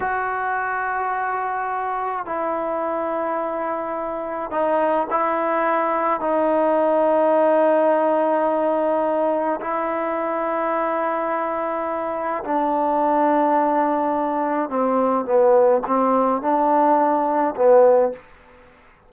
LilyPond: \new Staff \with { instrumentName = "trombone" } { \time 4/4 \tempo 4 = 106 fis'1 | e'1 | dis'4 e'2 dis'4~ | dis'1~ |
dis'4 e'2.~ | e'2 d'2~ | d'2 c'4 b4 | c'4 d'2 b4 | }